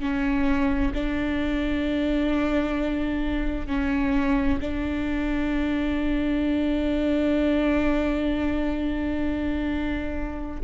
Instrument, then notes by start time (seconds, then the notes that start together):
viola
0.00 C#4
0.94 D4
3.67 C#4
4.61 D4